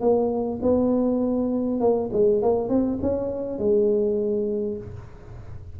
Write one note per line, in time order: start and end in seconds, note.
0.00 0.59 A#3
0.62 1.80 B3
1.80 2.10 A#3
2.12 2.42 G#3
2.42 2.68 A#3
2.68 2.98 C4
3.01 3.58 C#4
3.58 4.77 G#3